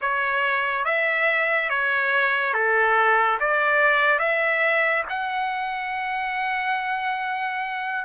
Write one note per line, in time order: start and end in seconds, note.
0.01 0.85 C#5
0.85 1.69 E5
1.69 2.54 C#5
2.54 3.38 A4
3.40 4.19 D5
4.19 5.03 E5
5.09 8.04 F#5